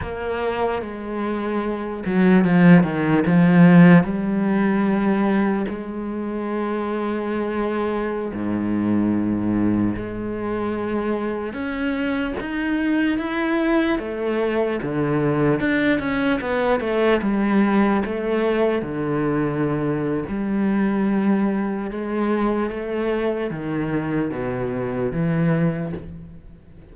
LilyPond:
\new Staff \with { instrumentName = "cello" } { \time 4/4 \tempo 4 = 74 ais4 gis4. fis8 f8 dis8 | f4 g2 gis4~ | gis2~ gis16 gis,4.~ gis,16~ | gis,16 gis2 cis'4 dis'8.~ |
dis'16 e'4 a4 d4 d'8 cis'16~ | cis'16 b8 a8 g4 a4 d8.~ | d4 g2 gis4 | a4 dis4 b,4 e4 | }